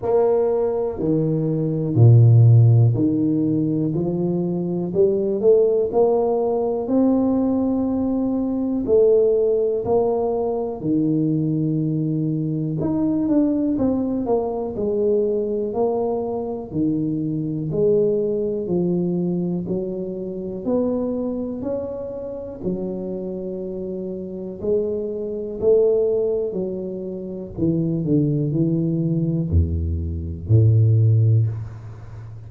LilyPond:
\new Staff \with { instrumentName = "tuba" } { \time 4/4 \tempo 4 = 61 ais4 dis4 ais,4 dis4 | f4 g8 a8 ais4 c'4~ | c'4 a4 ais4 dis4~ | dis4 dis'8 d'8 c'8 ais8 gis4 |
ais4 dis4 gis4 f4 | fis4 b4 cis'4 fis4~ | fis4 gis4 a4 fis4 | e8 d8 e4 e,4 a,4 | }